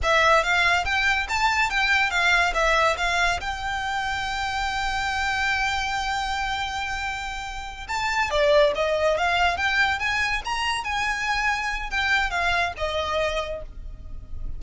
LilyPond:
\new Staff \with { instrumentName = "violin" } { \time 4/4 \tempo 4 = 141 e''4 f''4 g''4 a''4 | g''4 f''4 e''4 f''4 | g''1~ | g''1~ |
g''2~ g''8 a''4 d''8~ | d''8 dis''4 f''4 g''4 gis''8~ | gis''8 ais''4 gis''2~ gis''8 | g''4 f''4 dis''2 | }